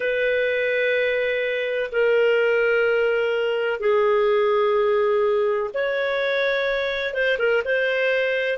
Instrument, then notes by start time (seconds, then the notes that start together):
clarinet
0.00 B4
1.92 A#4
3.80 G#4
5.74 C#5
7.13 C5
7.39 A#4
7.65 C5